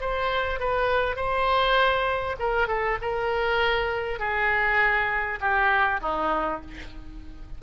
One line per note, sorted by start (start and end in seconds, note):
0.00 0.59 C5
0.59 1.16 B4
1.16 2.36 C5
2.39 2.67 A#4
2.67 2.97 A4
3.01 4.19 A#4
4.19 5.39 G#4
5.40 6.00 G4
6.01 6.61 D#4